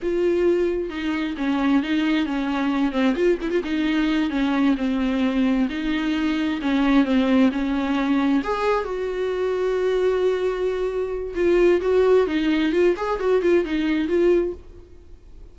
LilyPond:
\new Staff \with { instrumentName = "viola" } { \time 4/4 \tempo 4 = 132 f'2 dis'4 cis'4 | dis'4 cis'4. c'8 f'8 e'16 f'16 | dis'4. cis'4 c'4.~ | c'8 dis'2 cis'4 c'8~ |
c'8 cis'2 gis'4 fis'8~ | fis'1~ | fis'4 f'4 fis'4 dis'4 | f'8 gis'8 fis'8 f'8 dis'4 f'4 | }